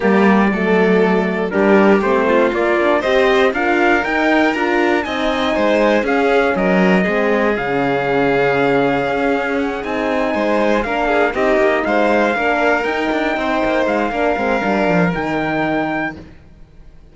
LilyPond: <<
  \new Staff \with { instrumentName = "trumpet" } { \time 4/4 \tempo 4 = 119 d''2. ais'4 | c''4 d''4 dis''4 f''4 | g''4 ais''4 gis''2 | f''4 dis''2 f''4~ |
f''2. fis''8 gis''8~ | gis''4. f''4 dis''4 f''8~ | f''4. g''2 f''8~ | f''2 g''2 | }
  \new Staff \with { instrumentName = "violin" } { \time 4/4 g'4 a'2 g'4~ | g'8 f'4. c''4 ais'4~ | ais'2 dis''4 c''4 | gis'4 ais'4 gis'2~ |
gis'1~ | gis'8 c''4 ais'8 gis'8 g'4 c''8~ | c''8 ais'2 c''4. | ais'1 | }
  \new Staff \with { instrumentName = "horn" } { \time 4/4 ais4 a2 d'4 | c'4 ais8 d'8 g'4 f'4 | dis'4 f'4 dis'2 | cis'2 c'4 cis'4~ |
cis'2.~ cis'8 dis'8~ | dis'4. d'4 dis'4.~ | dis'8 d'4 dis'2~ dis'8 | d'8 c'8 d'4 dis'2 | }
  \new Staff \with { instrumentName = "cello" } { \time 4/4 g4 fis2 g4 | a4 ais4 c'4 d'4 | dis'4 d'4 c'4 gis4 | cis'4 fis4 gis4 cis4~ |
cis2 cis'4. c'8~ | c'8 gis4 ais4 c'8 ais8 gis8~ | gis8 ais4 dis'8 d'8 c'8 ais8 gis8 | ais8 gis8 g8 f8 dis2 | }
>>